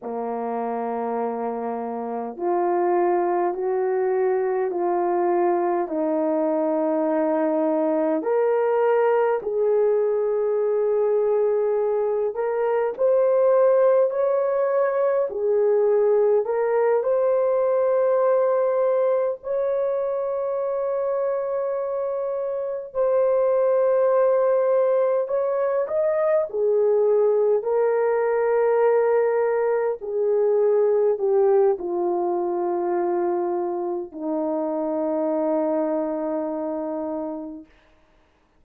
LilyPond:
\new Staff \with { instrumentName = "horn" } { \time 4/4 \tempo 4 = 51 ais2 f'4 fis'4 | f'4 dis'2 ais'4 | gis'2~ gis'8 ais'8 c''4 | cis''4 gis'4 ais'8 c''4.~ |
c''8 cis''2. c''8~ | c''4. cis''8 dis''8 gis'4 ais'8~ | ais'4. gis'4 g'8 f'4~ | f'4 dis'2. | }